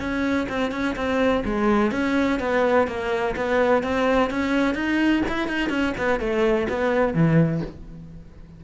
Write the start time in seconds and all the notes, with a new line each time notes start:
0.00 C#4
0.49 C4
0.72 C#4
0.96 C4
1.45 G#3
1.92 C#4
2.40 B3
2.88 A#3
3.37 B3
3.83 C4
4.31 C#4
4.75 D#4
5.29 E4
5.48 D#4
5.70 C#4
5.98 B3
6.20 A3
6.69 B3
7.14 E3